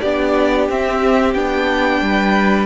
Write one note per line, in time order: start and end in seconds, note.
0.00 0.69 B3
0.00 0.70 D4
0.00 2.01 G4
0.00 0.67 D5
0.69 1.34 C4
0.69 1.35 C4
0.69 1.34 E5
1.34 2.01 B3
1.34 2.66 D4
1.34 2.66 G5
2.01 2.66 G3
2.01 2.66 B4